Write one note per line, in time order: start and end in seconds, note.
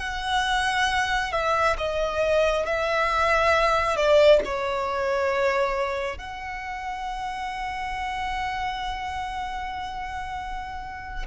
0.00 1.32 F#5
1.32 1.76 E5
1.78 2.66 D#5
2.66 3.97 E5
3.97 4.41 D5
4.45 6.18 C#5
6.18 11.26 F#5